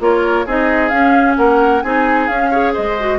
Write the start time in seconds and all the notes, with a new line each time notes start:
0.00 A#3 F4 A#4 C#5
0.46 C4 D#4 G#4 D#5
0.89 C#4 F5
1.37 A#3 A#4 F#5
1.82 C4 D#4 G#4 G#5
2.27 C#4 F5
2.51 G#4 C#5
2.73 G#3 C5 D#5
3.00 F#4